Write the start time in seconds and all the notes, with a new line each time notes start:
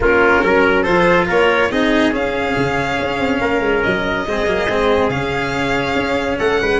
0.00 A#3 C#4 F4 A#4
0.44 F#3 A#4
0.82 F3 F4 A4 C5
1.27 A#3 A#4 C#5
1.70 C4 D#4 G#4 D#5
2.12 C#4 F5
2.56 C#3
3.00 C#4
3.19 C4
3.40 A#3 A#4
3.59 G#3
3.82 F#3 D#5
4.26 G#3 C4 G#4
4.46 F#3 A#3
4.67 G#3 C4
5.09 C#3 C#4 F5
5.95 C#4
6.38 A3 A4 F#5
6.61 G#3 B4